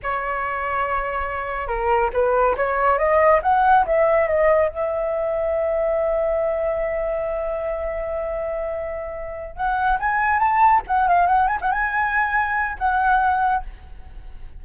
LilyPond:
\new Staff \with { instrumentName = "flute" } { \time 4/4 \tempo 4 = 141 cis''1 | ais'4 b'4 cis''4 dis''4 | fis''4 e''4 dis''4 e''4~ | e''1~ |
e''1~ | e''2~ e''8 fis''4 gis''8~ | gis''8 a''4 fis''8 f''8 fis''8 gis''16 fis''16 gis''8~ | gis''2 fis''2 | }